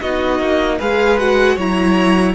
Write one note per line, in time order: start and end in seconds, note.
0.00 0.40 B3
0.00 0.80 D#4
0.00 0.78 F#4
0.00 0.78 D#5
0.40 0.79 A#3
0.78 1.57 G#3
0.78 1.19 G#4
0.78 1.55 B4
0.78 1.19 F5
1.19 1.58 F#4
1.19 1.58 F#5
1.55 2.35 F#3
1.55 2.35 E4
1.55 2.33 C#5
1.55 2.35 A#5